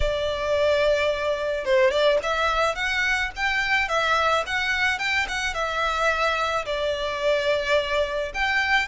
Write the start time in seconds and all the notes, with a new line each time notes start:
0.00 D5
1.64 C5
1.90 D5
2.22 E5
2.75 F#5
3.35 G5
3.88 E5
4.46 F#5
4.98 G5
5.28 F#5
5.54 E5
6.65 D5
8.34 G5